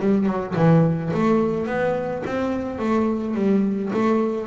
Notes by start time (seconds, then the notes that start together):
0.00 G3
0.26 F#3
0.55 E3
1.13 A3
1.66 B3
2.26 C4
2.79 A3
3.34 G3
3.93 A3